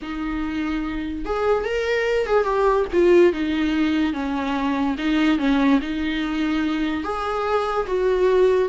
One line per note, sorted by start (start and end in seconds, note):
0.02 1.25 D#4
1.25 1.64 G#4
1.64 2.26 A#4
2.26 2.43 G#4
2.43 2.85 G4
2.92 3.33 F4
3.33 4.13 D#4
4.13 4.96 C#4
4.98 5.38 D#4
5.38 5.79 C#4
5.81 7.03 D#4
7.03 7.86 G#4
7.86 8.69 F#4